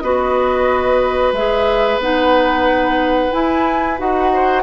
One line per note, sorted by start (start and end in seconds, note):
0.00 1.32 B3
0.00 1.34 F#4
0.00 4.32 B4
0.00 1.32 D#5
1.32 1.98 G#3
1.32 2.01 G#4
1.32 1.99 E5
1.98 3.29 B3
1.98 3.31 D#4
1.98 3.32 F#5
3.31 3.97 E4
3.31 3.99 E4
3.31 3.98 G#5
3.97 4.62 D#4
3.97 4.62 F#4
3.97 4.62 F#5
4.33 4.62 C5